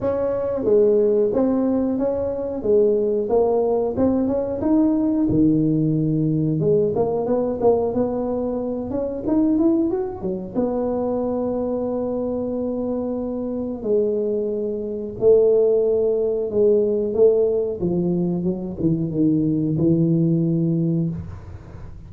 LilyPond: \new Staff \with { instrumentName = "tuba" } { \time 4/4 \tempo 4 = 91 cis'4 gis4 c'4 cis'4 | gis4 ais4 c'8 cis'8 dis'4 | dis2 gis8 ais8 b8 ais8 | b4. cis'8 dis'8 e'8 fis'8 fis8 |
b1~ | b4 gis2 a4~ | a4 gis4 a4 f4 | fis8 e8 dis4 e2 | }